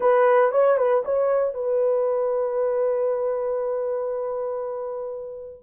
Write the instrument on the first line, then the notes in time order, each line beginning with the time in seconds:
horn
0.00 B4
0.51 C#5
0.77 B4
1.04 C#5
1.53 B4